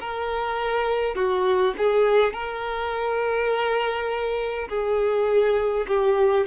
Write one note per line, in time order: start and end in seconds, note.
0.00 1.15 A#4
1.15 1.74 F#4
1.77 2.33 G#4
2.33 4.68 A#4
4.68 5.86 G#4
5.87 6.46 G4